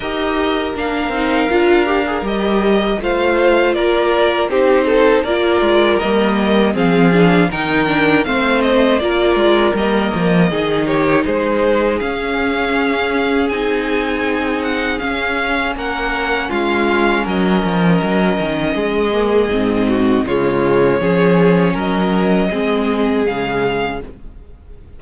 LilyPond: <<
  \new Staff \with { instrumentName = "violin" } { \time 4/4 \tempo 4 = 80 dis''4 f''2 dis''4 | f''4 d''4 c''4 d''4 | dis''4 f''4 g''4 f''8 dis''8 | d''4 dis''4. cis''8 c''4 |
f''2 gis''4. fis''8 | f''4 fis''4 f''4 dis''4~ | dis''2. cis''4~ | cis''4 dis''2 f''4 | }
  \new Staff \with { instrumentName = "violin" } { \time 4/4 ais'1 | c''4 ais'4 g'8 a'8 ais'4~ | ais'4 gis'4 ais'4 c''4 | ais'2 gis'8 g'8 gis'4~ |
gis'1~ | gis'4 ais'4 f'4 ais'4~ | ais'4 gis'4. fis'8 f'4 | gis'4 ais'4 gis'2 | }
  \new Staff \with { instrumentName = "viola" } { \time 4/4 g'4 d'8 dis'8 f'8 g'16 gis'16 g'4 | f'2 dis'4 f'4 | ais4 c'8 d'8 dis'8 d'8 c'4 | f'4 ais4 dis'2 |
cis'2 dis'2 | cis'1~ | cis'4. ais8 c'4 gis4 | cis'2 c'4 gis4 | }
  \new Staff \with { instrumentName = "cello" } { \time 4/4 dis'4 ais8 c'8 d'4 g4 | a4 ais4 c'4 ais8 gis8 | g4 f4 dis4 a4 | ais8 gis8 g8 f8 dis4 gis4 |
cis'2 c'2 | cis'4 ais4 gis4 fis8 f8 | fis8 dis8 gis4 gis,4 cis4 | f4 fis4 gis4 cis4 | }
>>